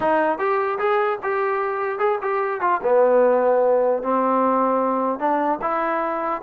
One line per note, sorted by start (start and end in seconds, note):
0.00 0.38 D#4
0.38 0.78 G4
0.78 1.18 G#4
1.23 1.98 G4
1.98 2.18 G#4
2.21 2.60 G4
2.60 2.80 F4
2.82 4.02 B3
4.02 5.19 C4
5.19 5.59 D4
5.61 6.41 E4